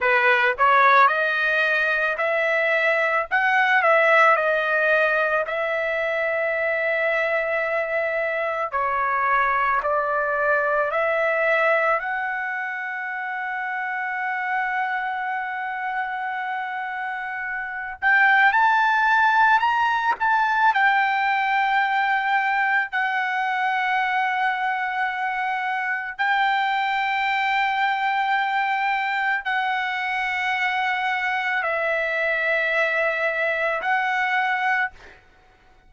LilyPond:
\new Staff \with { instrumentName = "trumpet" } { \time 4/4 \tempo 4 = 55 b'8 cis''8 dis''4 e''4 fis''8 e''8 | dis''4 e''2. | cis''4 d''4 e''4 fis''4~ | fis''1~ |
fis''8 g''8 a''4 ais''8 a''8 g''4~ | g''4 fis''2. | g''2. fis''4~ | fis''4 e''2 fis''4 | }